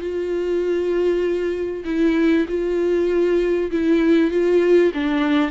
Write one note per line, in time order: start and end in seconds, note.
0.00 1.84 F4
1.84 2.45 E4
2.48 3.70 F4
3.71 4.31 E4
4.31 4.92 F4
4.94 5.50 D4